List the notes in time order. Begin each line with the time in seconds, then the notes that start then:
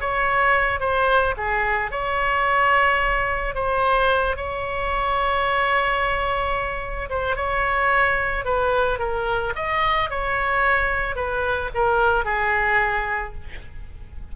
0.00 C#5
0.80 C5
1.37 G#4
1.91 C#5
3.55 C5
4.36 C#5
7.09 C5
7.36 C#5
8.44 B4
8.99 A#4
9.55 D#5
10.10 C#5
11.15 B4
11.74 A#4
12.25 G#4